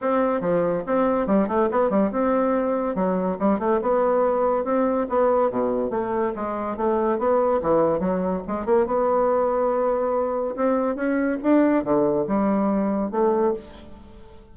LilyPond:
\new Staff \with { instrumentName = "bassoon" } { \time 4/4 \tempo 4 = 142 c'4 f4 c'4 g8 a8 | b8 g8 c'2 fis4 | g8 a8 b2 c'4 | b4 b,4 a4 gis4 |
a4 b4 e4 fis4 | gis8 ais8 b2.~ | b4 c'4 cis'4 d'4 | d4 g2 a4 | }